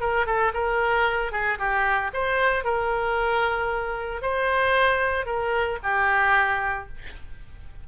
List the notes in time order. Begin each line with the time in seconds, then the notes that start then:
0.00 A#4
0.26 A4
0.54 A#4
1.32 G#4
1.58 G4
2.13 C5
2.64 A#4
4.22 C5
5.25 A#4
5.83 G4